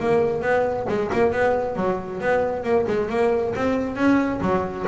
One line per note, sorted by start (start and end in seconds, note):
0.00 0.42 A#3
0.42 0.86 B3
0.89 1.11 G#3
1.13 1.33 A#3
1.33 1.76 B3
1.76 2.21 F#3
2.21 2.63 B3
2.63 2.86 A#3
2.88 3.09 G#3
3.09 3.54 A#3
3.56 3.96 C4
3.96 4.40 C#4
4.41 4.86 F#3